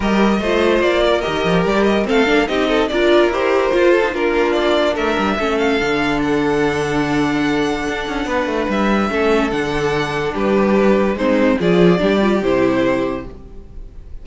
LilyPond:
<<
  \new Staff \with { instrumentName = "violin" } { \time 4/4 \tempo 4 = 145 dis''2 d''4 dis''4 | d''8 dis''8 f''4 dis''4 d''4 | c''2 ais'4 d''4 | e''4. f''4. fis''4~ |
fis''1~ | fis''4 e''2 fis''4~ | fis''4 b'2 c''4 | d''2 c''2 | }
  \new Staff \with { instrumentName = "violin" } { \time 4/4 ais'4 c''4. ais'4.~ | ais'4 a'4 g'8 a'8 ais'4~ | ais'4. a'8 f'2 | ais'4 a'2.~ |
a'1 | b'2 a'2~ | a'4 g'2 dis'4 | gis'4 g'2. | }
  \new Staff \with { instrumentName = "viola" } { \time 4/4 g'4 f'2 g'4~ | g'4 c'8 d'8 dis'4 f'4 | g'4 f'8. dis'16 d'2~ | d'4 cis'4 d'2~ |
d'1~ | d'2 cis'4 d'4~ | d'2. c'4 | f'4 d'8 f'8 e'2 | }
  \new Staff \with { instrumentName = "cello" } { \time 4/4 g4 a4 ais4 dis8 f8 | g4 a8 ais8 c'4 d'4 | e'4 f'4 ais2 | a8 g8 a4 d2~ |
d2. d'8 cis'8 | b8 a8 g4 a4 d4~ | d4 g2 gis4 | f4 g4 c2 | }
>>